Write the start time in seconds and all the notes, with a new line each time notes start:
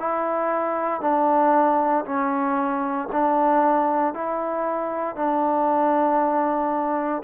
0.00 E4
1.02 D4
2.05 C#4
3.13 D4
4.14 E4
5.16 D4